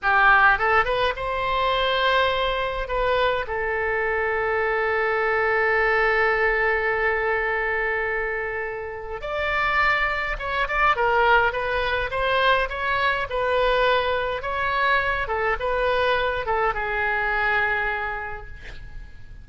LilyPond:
\new Staff \with { instrumentName = "oboe" } { \time 4/4 \tempo 4 = 104 g'4 a'8 b'8 c''2~ | c''4 b'4 a'2~ | a'1~ | a'1 |
d''2 cis''8 d''8 ais'4 | b'4 c''4 cis''4 b'4~ | b'4 cis''4. a'8 b'4~ | b'8 a'8 gis'2. | }